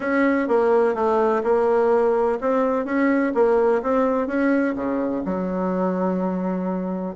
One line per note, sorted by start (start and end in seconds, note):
0.00 0.47 C#4
0.48 0.94 A#3
0.94 1.42 A3
1.43 2.39 A#3
2.40 2.85 C4
2.85 3.32 C#4
3.34 3.82 A#3
3.82 4.27 C4
4.27 4.74 C#4
4.75 5.23 C#3
5.25 7.15 F#3